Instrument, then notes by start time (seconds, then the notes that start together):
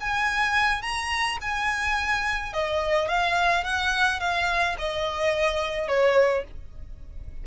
violin
0.00 G#5
0.82 A#5
1.41 G#5
2.53 D#5
3.08 F5
3.64 F#5
4.20 F5
4.78 D#5
5.88 C#5